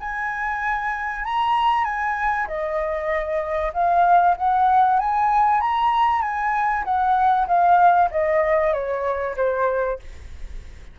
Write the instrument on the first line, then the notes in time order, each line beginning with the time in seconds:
flute
0.00 G#5
1.25 A#5
1.84 G#5
2.47 D#5
3.73 F5
4.37 F#5
4.99 G#5
5.61 A#5
6.22 G#5
6.85 F#5
7.47 F5
8.11 D#5
8.73 C#5
9.37 C5